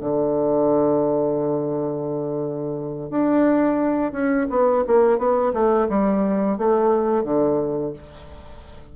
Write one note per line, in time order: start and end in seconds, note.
0.00 3.10 D3
3.10 4.12 D4
4.12 4.47 C#4
4.50 4.84 B3
4.87 5.18 A#3
5.18 5.53 B3
5.53 5.88 A3
5.89 6.57 G3
6.57 7.24 A3
7.24 7.92 D3